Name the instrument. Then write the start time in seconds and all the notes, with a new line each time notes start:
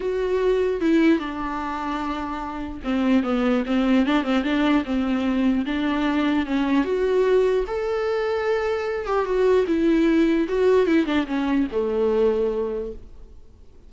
viola
0.00 F#4
0.80 E4
1.19 D4
2.84 C4
3.23 B3
3.66 C4
4.05 D4
4.23 C4
4.43 D4
4.84 C4
5.65 D4
6.46 C#4
6.84 F#4
7.67 A4
9.06 G4
9.25 F#4
9.67 E4
10.48 F#4
10.86 E4
11.06 D4
11.27 C#4
11.71 A3